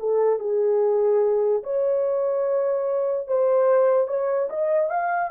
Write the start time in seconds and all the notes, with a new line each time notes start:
0.00 A4
0.40 G#4
1.64 C#5
3.28 C5
4.08 C#5
4.50 D#5
4.90 F5